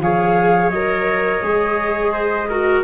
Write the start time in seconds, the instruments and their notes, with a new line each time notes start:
0.00 tuba F3, viola G#4, trumpet C#5, flute F5
0.70 tuba F#3, viola A#4, flute D#5
1.42 tuba G#3, viola G#4
2.12 trumpet C5
2.49 viola F#4, trumpet A#4